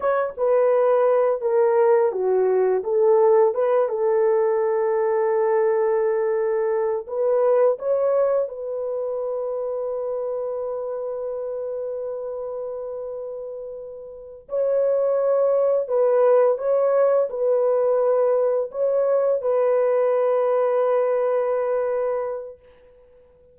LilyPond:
\new Staff \with { instrumentName = "horn" } { \time 4/4 \tempo 4 = 85 cis''8 b'4. ais'4 fis'4 | a'4 b'8 a'2~ a'8~ | a'2 b'4 cis''4 | b'1~ |
b'1~ | b'8 cis''2 b'4 cis''8~ | cis''8 b'2 cis''4 b'8~ | b'1 | }